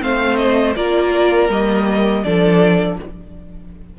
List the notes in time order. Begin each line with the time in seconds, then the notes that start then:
0.00 A3 C4 C5 F5
0.37 D#5
0.76 A#3 F4 A#4 D5
1.50 G3 A#3 D#5
2.24 F3 D4 A4 D5